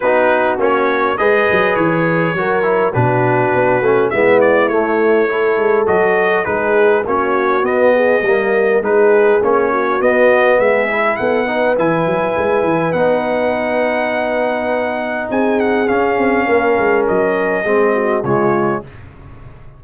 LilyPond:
<<
  \new Staff \with { instrumentName = "trumpet" } { \time 4/4 \tempo 4 = 102 b'4 cis''4 dis''4 cis''4~ | cis''4 b'2 e''8 d''8 | cis''2 dis''4 b'4 | cis''4 dis''2 b'4 |
cis''4 dis''4 e''4 fis''4 | gis''2 fis''2~ | fis''2 gis''8 fis''8 f''4~ | f''4 dis''2 cis''4 | }
  \new Staff \with { instrumentName = "horn" } { \time 4/4 fis'2 b'2 | ais'4 fis'2 e'4~ | e'4 a'2 gis'4 | fis'4. gis'8 ais'4 gis'4~ |
gis'8 fis'4. gis'4 a'8 b'8~ | b'1~ | b'2 gis'2 | ais'2 gis'8 fis'8 f'4 | }
  \new Staff \with { instrumentName = "trombone" } { \time 4/4 dis'4 cis'4 gis'2 | fis'8 e'8 d'4. cis'8 b4 | a4 e'4 fis'4 dis'4 | cis'4 b4 ais4 dis'4 |
cis'4 b4. e'4 dis'8 | e'2 dis'2~ | dis'2. cis'4~ | cis'2 c'4 gis4 | }
  \new Staff \with { instrumentName = "tuba" } { \time 4/4 b4 ais4 gis8 fis8 e4 | fis4 b,4 b8 a8 gis4 | a4. gis8 fis4 gis4 | ais4 b4 g4 gis4 |
ais4 b4 gis4 b4 | e8 fis8 gis8 e8 b2~ | b2 c'4 cis'8 c'8 | ais8 gis8 fis4 gis4 cis4 | }
>>